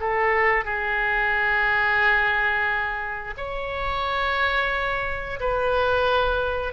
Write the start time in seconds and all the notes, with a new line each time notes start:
0.00 A4
0.65 G#4
3.37 C#5
5.40 B4